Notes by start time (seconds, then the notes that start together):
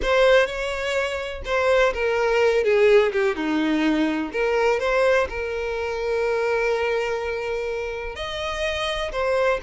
0.02 C5
0.46 C#5
1.45 C5
1.93 A#4
2.64 G#4
3.12 G4
3.35 D#4
4.32 A#4
4.79 C5
5.29 A#4
8.15 D#5
9.12 C5